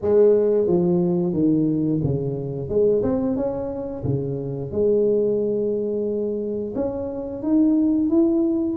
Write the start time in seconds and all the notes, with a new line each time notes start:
0.01 G#3
0.67 F3
1.33 D#3
2.03 C#3
2.68 G#3
3.02 C4
3.36 C#4
4.04 C#3
4.71 G#3
6.75 C#4
7.42 D#4
8.09 E4